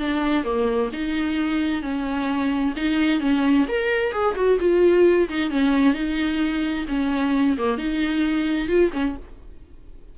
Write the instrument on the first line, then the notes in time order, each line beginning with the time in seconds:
viola
0.00 D4
0.45 A#3
0.93 D#4
1.83 C#4
2.76 D#4
3.21 C#4
3.69 A#4
4.12 G#4
4.36 F#4
4.61 F4
5.29 D#4
5.51 C#4
5.94 D#4
6.89 C#4
7.58 A#3
7.78 D#4
8.68 F4
8.93 C#4